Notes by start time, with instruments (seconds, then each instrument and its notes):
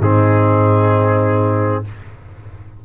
0.00 tuba G#2, trombone C4, horn D#4, trumpet G#4